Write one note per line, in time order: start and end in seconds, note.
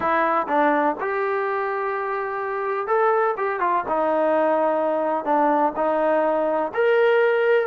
0.00 0.46 E4
0.48 0.96 D4
1.00 2.87 G4
2.87 3.35 A4
3.37 3.60 G4
3.60 3.84 F4
3.88 5.24 D#4
5.24 5.72 D4
5.76 6.72 D#4
6.74 7.67 A#4